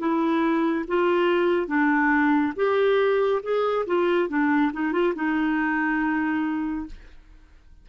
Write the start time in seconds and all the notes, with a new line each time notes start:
0.00 E4
0.88 F4
1.68 D4
2.57 G4
3.43 G#4
3.87 F4
4.29 D4
4.73 D#4
4.93 F4
5.15 D#4